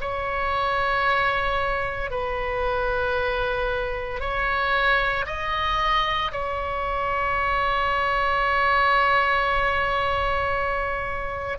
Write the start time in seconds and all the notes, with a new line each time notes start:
0.00 C#5
2.11 B4
4.20 C#5
5.26 D#5
6.32 C#5